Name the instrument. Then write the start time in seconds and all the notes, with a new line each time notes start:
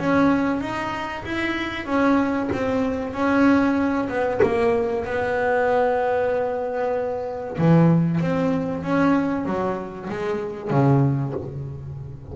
double bass
0.00 C#4
0.61 D#4
1.25 E4
1.87 C#4
2.53 C4
3.14 C#4
4.09 B3
4.43 A#3
5.05 B3
7.58 E3
8.21 C4
8.84 C#4
9.46 F#3
10.10 G#3
10.71 C#3